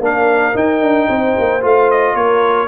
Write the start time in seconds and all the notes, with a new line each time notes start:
0.00 A#3 D4 A#4 F5
0.53 D#4 G5
0.81 D4
1.08 C4 C5
1.39 A#3
1.61 A3 F4 F5
1.91 D#5
2.15 A#3 A#4 C#5